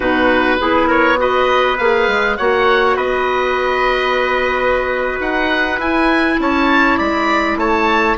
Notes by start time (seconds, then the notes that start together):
0.00 B2 D#4 F#4 B4
0.59 B3 E4 G#4
0.87 A#4 C#5
1.16 F#4 B4 D#5
1.78 A#3 G#4 F5
2.07 G#3
2.37 A#3 F#4 C#5 F#5
2.96 B3 B4 D#5
5.19 D#4 F#5
5.78 E4 G#5
6.38 C#4 C#5 A5
6.97 G#3 D5 B5
7.56 A3 C#5 A5